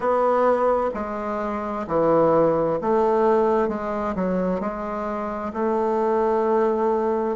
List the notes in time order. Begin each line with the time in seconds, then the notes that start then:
0.00 B3
0.94 G#3
1.87 E3
2.81 A3
3.68 G#3
4.15 F#3
4.60 G#3
5.53 A3